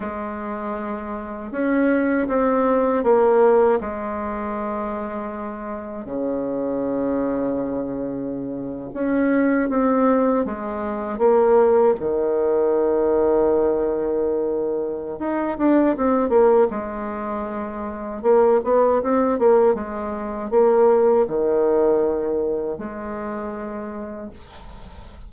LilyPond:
\new Staff \with { instrumentName = "bassoon" } { \time 4/4 \tempo 4 = 79 gis2 cis'4 c'4 | ais4 gis2. | cis2.~ cis8. cis'16~ | cis'8. c'4 gis4 ais4 dis16~ |
dis1 | dis'8 d'8 c'8 ais8 gis2 | ais8 b8 c'8 ais8 gis4 ais4 | dis2 gis2 | }